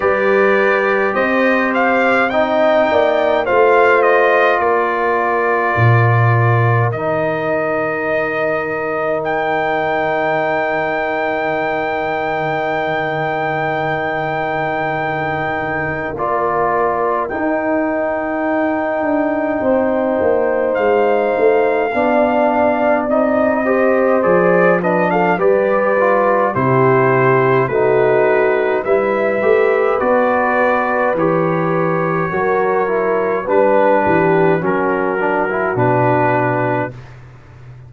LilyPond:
<<
  \new Staff \with { instrumentName = "trumpet" } { \time 4/4 \tempo 4 = 52 d''4 dis''8 f''8 g''4 f''8 dis''8 | d''2 dis''2 | g''1~ | g''2 d''4 g''4~ |
g''2 f''2 | dis''4 d''8 dis''16 f''16 d''4 c''4 | b'4 e''4 d''4 cis''4~ | cis''4 b'4 ais'4 b'4 | }
  \new Staff \with { instrumentName = "horn" } { \time 4/4 b'4 c''4 dis''8 d''8 c''4 | ais'1~ | ais'1~ | ais'1~ |
ais'4 c''2 d''4~ | d''8 c''4 b'16 a'16 b'4 g'4 | fis'4 b'2. | ais'4 b'8 g'8 fis'2 | }
  \new Staff \with { instrumentName = "trombone" } { \time 4/4 g'2 dis'4 f'4~ | f'2 dis'2~ | dis'1~ | dis'2 f'4 dis'4~ |
dis'2. d'4 | dis'8 g'8 gis'8 d'8 g'8 f'8 e'4 | dis'4 e'8 g'8 fis'4 g'4 | fis'8 e'8 d'4 cis'8 d'16 e'16 d'4 | }
  \new Staff \with { instrumentName = "tuba" } { \time 4/4 g4 c'4. ais8 a4 | ais4 ais,4 dis2~ | dis1~ | dis2 ais4 dis'4~ |
dis'8 d'8 c'8 ais8 gis8 a8 b4 | c'4 f4 g4 c4 | a4 g8 a8 b4 e4 | fis4 g8 e8 fis4 b,4 | }
>>